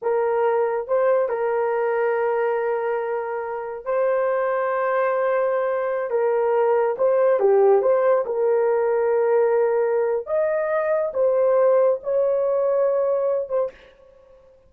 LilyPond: \new Staff \with { instrumentName = "horn" } { \time 4/4 \tempo 4 = 140 ais'2 c''4 ais'4~ | ais'1~ | ais'4 c''2.~ | c''2~ c''16 ais'4.~ ais'16~ |
ais'16 c''4 g'4 c''4 ais'8.~ | ais'1 | dis''2 c''2 | cis''2.~ cis''8 c''8 | }